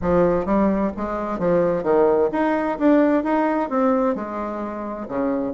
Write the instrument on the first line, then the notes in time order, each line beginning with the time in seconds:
bassoon
0.01 F3
0.45 G3
0.96 G#3
1.38 F3
1.83 D#3
2.32 D#4
2.79 D4
3.23 D#4
3.69 C4
4.15 G#3
5.08 C#3